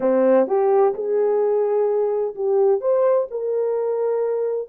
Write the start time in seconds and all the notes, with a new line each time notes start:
0.00 C4
0.47 G4
0.94 G#4
2.35 G4
2.80 C5
3.30 A#4